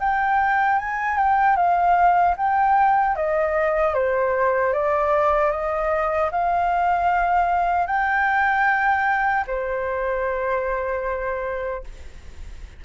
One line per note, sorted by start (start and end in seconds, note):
0.00 0.79 G5
0.79 1.17 G#5
1.17 1.56 G5
1.56 2.35 F5
2.37 3.16 G5
3.16 3.94 D#5
3.94 4.73 C5
4.73 5.51 D5
5.51 6.30 D#5
6.32 7.87 F5
7.87 9.44 G5
9.47 11.84 C5